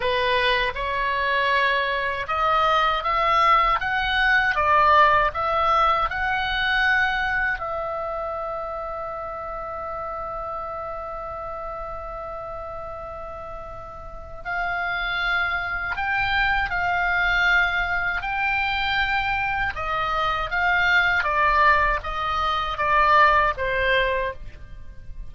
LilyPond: \new Staff \with { instrumentName = "oboe" } { \time 4/4 \tempo 4 = 79 b'4 cis''2 dis''4 | e''4 fis''4 d''4 e''4 | fis''2 e''2~ | e''1~ |
e''2. f''4~ | f''4 g''4 f''2 | g''2 dis''4 f''4 | d''4 dis''4 d''4 c''4 | }